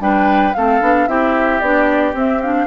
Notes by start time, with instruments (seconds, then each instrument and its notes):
0.00 bassoon G3, clarinet D4, oboe B4, flute G5
0.54 bassoon A3, clarinet C4, oboe A4, flute F5
0.81 bassoon B3, clarinet D4
1.07 bassoon C4, clarinet E4, oboe G4, flute E5
1.60 bassoon B3, clarinet D4, flute D5
2.14 bassoon C4, clarinet C4, flute E5
2.42 clarinet D4, flute F5